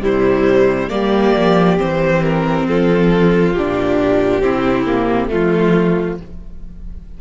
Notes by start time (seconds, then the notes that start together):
0.00 C3 G3 E4 C5
0.89 G3 A#3 G4 D5
1.35 F3
1.77 E3 C4 C5
2.23 A#4
2.67 F3 F4 A4
3.53 A#2 D4 G4
4.41 C3 C4 E4
4.86 A#3
5.28 F3 A3 F4